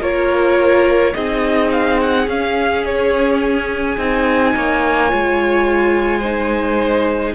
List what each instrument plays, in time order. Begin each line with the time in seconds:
0.00 cello A#3, viola F4, violin A#4 C#5
1.13 cello C4, viola D#4, violin G#4 D#5
1.71 violin F5
2.00 violin F#5
2.27 cello C#4, viola C#4, violin F5
2.85 violin C#5
3.41 violin G#5
3.97 cello C4, viola D#4
4.55 cello A#3, violin C#5
5.08 cello G#3, viola F4
6.19 viola D#4, violin C5